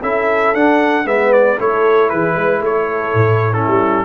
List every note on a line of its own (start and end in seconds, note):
0.00 0.53 C#4
0.00 0.55 E4
0.00 1.04 A4
0.00 0.54 E5
0.53 1.04 D4
0.53 1.06 F#5
1.04 1.57 G#3
1.04 1.57 B3
1.04 1.58 B4
1.04 1.32 E5
1.32 1.58 D5
1.58 2.12 A3
1.58 3.53 E4
1.58 2.10 A4
1.58 2.09 C#5
2.09 2.34 E3
2.09 2.33 G#4
2.09 2.61 B4
2.33 2.61 G#3
2.33 2.59 B4
2.61 3.13 A3
2.61 3.56 A4
2.61 3.53 C#5
3.14 3.66 A2
3.53 4.04 C#4
3.53 4.04 E4
3.53 4.04 A4
3.67 4.04 G3